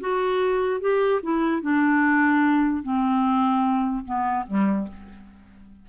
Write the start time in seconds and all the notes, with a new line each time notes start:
0.00 F#4
0.80 G4
1.22 E4
1.62 D4
2.83 C4
4.05 B3
4.47 G3